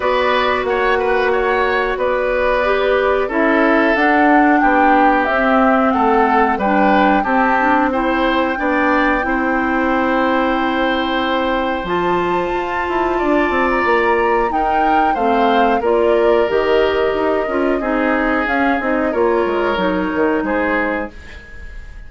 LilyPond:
<<
  \new Staff \with { instrumentName = "flute" } { \time 4/4 \tempo 4 = 91 d''4 fis''2 d''4~ | d''4 e''4 fis''4 g''4 | e''4 fis''4 g''4 a''4 | g''1~ |
g''2 a''2~ | a''8. ais''4~ ais''16 g''4 f''4 | d''4 dis''2. | f''8 dis''8 cis''2 c''4 | }
  \new Staff \with { instrumentName = "oboe" } { \time 4/4 b'4 cis''8 b'8 cis''4 b'4~ | b'4 a'2 g'4~ | g'4 a'4 b'4 g'4 | c''4 d''4 c''2~ |
c''1 | d''2 ais'4 c''4 | ais'2. gis'4~ | gis'4 ais'2 gis'4 | }
  \new Staff \with { instrumentName = "clarinet" } { \time 4/4 fis'1 | g'4 e'4 d'2 | c'2 d'4 c'8 d'8 | e'4 d'4 e'2~ |
e'2 f'2~ | f'2 dis'4 c'4 | f'4 g'4. f'8 dis'4 | cis'8 dis'8 f'4 dis'2 | }
  \new Staff \with { instrumentName = "bassoon" } { \time 4/4 b4 ais2 b4~ | b4 cis'4 d'4 b4 | c'4 a4 g4 c'4~ | c'4 b4 c'2~ |
c'2 f4 f'8 e'8 | d'8 c'8 ais4 dis'4 a4 | ais4 dis4 dis'8 cis'8 c'4 | cis'8 c'8 ais8 gis8 fis8 dis8 gis4 | }
>>